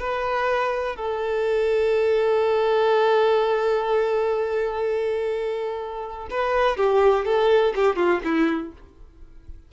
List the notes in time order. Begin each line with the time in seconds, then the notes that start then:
0.00 B4
0.96 A4
6.31 B4
6.77 G4
7.26 A4
7.76 G4
7.96 F4
8.24 E4